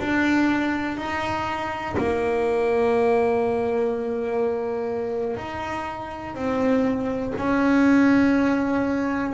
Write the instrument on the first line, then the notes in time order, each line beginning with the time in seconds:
double bass
0.00 D4
0.97 D#4
1.98 A#3
5.37 D#4
6.35 C4
7.38 C#4